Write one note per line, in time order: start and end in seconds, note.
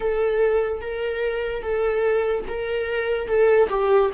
0.00 0.81 A4
0.81 1.62 A#4
1.62 2.44 A4
2.47 3.27 A#4
3.27 3.68 A4
3.69 4.10 G4